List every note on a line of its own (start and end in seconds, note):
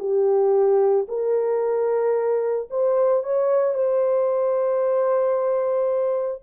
0.00 1.07 G4
1.09 2.69 A#4
2.71 3.24 C5
3.24 3.75 C#5
3.75 6.42 C5